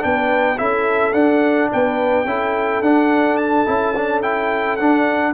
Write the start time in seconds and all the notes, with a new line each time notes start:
0.00 B3 D4 B4 G5
0.58 C#4 E4 A4 E5
1.13 D4 F#5
1.71 B3 B4 G5
2.25 C#4 E4 A4
2.81 D4 F#5
3.37 A5
3.66 C#4 E4
3.96 D4
4.22 E4 G5
4.77 D4 F#5